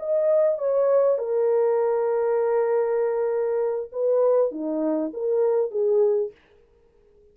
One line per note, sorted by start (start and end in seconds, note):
0.00 0.59 D#5
0.59 1.18 C#5
1.18 3.91 A#4
3.93 4.52 B4
4.52 5.12 D#4
5.14 5.71 A#4
5.71 6.32 G#4